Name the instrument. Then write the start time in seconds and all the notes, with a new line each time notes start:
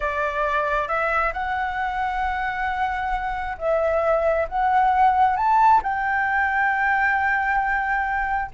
flute
0.00 D5
0.88 E5
1.33 F#5
3.58 E5
4.48 F#5
5.36 A5
5.82 G5